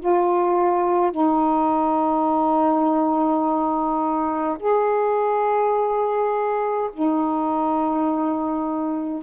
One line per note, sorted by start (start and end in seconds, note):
0.00 1.12 F4
1.12 4.58 D#4
4.59 6.90 G#4
6.93 9.23 D#4